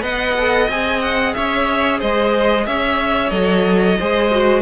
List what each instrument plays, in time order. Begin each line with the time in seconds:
0.00 cello B3, viola B4, violin D#5 F#5
0.38 viola A4
0.68 cello C4, viola G#4, violin G#5
1.02 violin F#5
1.34 cello C#4, violin C#5 E5
1.99 cello G#3, violin C5 D#5
2.66 cello C#4, violin C#5 E5
3.30 cello F#3, viola A4, violin D#5
3.98 cello G#3, viola G#4, violin C5
4.31 viola F#4